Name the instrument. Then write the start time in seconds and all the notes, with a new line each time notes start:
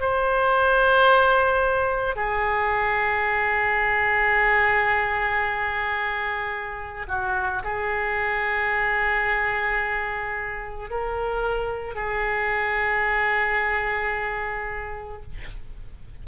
oboe
0.00 C5
2.16 G#4
7.08 F#4
7.64 G#4
10.90 A#4
11.95 G#4